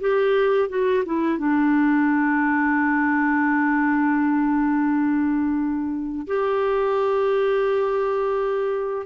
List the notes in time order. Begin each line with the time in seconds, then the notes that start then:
0.00 G4
0.69 F#4
1.05 E4
1.38 D4
6.27 G4